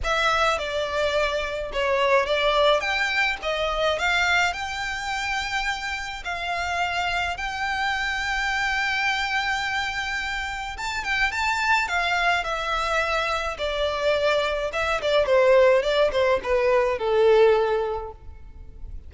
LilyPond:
\new Staff \with { instrumentName = "violin" } { \time 4/4 \tempo 4 = 106 e''4 d''2 cis''4 | d''4 g''4 dis''4 f''4 | g''2. f''4~ | f''4 g''2.~ |
g''2. a''8 g''8 | a''4 f''4 e''2 | d''2 e''8 d''8 c''4 | d''8 c''8 b'4 a'2 | }